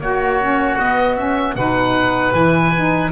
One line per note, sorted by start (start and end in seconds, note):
0.00 0.78 A#3
0.00 0.41 F#4
0.00 1.58 F#4
0.00 0.79 C#5
0.41 0.78 C#4
0.78 1.17 B3
0.78 1.56 B3
0.78 1.16 D#5
1.16 1.56 C#4
1.16 1.55 E5
1.56 2.33 B2
1.56 2.33 D#4
1.56 3.12 B4
1.56 2.34 F#5
2.33 3.12 E3
2.33 2.72 E4
2.33 3.12 G#5
2.76 3.12 D#4